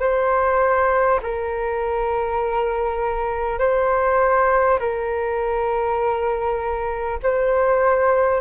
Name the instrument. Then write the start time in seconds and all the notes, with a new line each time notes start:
flute
0.00 C5
1.22 A#4
3.59 C5
4.79 A#4
7.23 C5